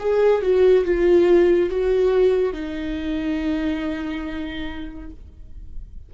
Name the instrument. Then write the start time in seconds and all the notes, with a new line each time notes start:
viola
0.00 G#4
0.42 F#4
0.85 F4
1.70 F#4
2.54 D#4